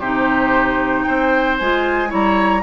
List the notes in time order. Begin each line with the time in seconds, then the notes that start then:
0.00 C3 D#4 G4 C5
1.04 C4 C5 G5
1.59 G#3 F4 G#5
2.08 G3 E4 C#5 A#5